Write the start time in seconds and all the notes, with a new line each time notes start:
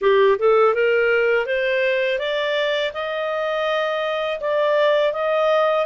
0.01 G4
0.39 A4
0.74 A#4
1.45 C5
2.19 D5
2.93 D#5
4.40 D5
5.12 D#5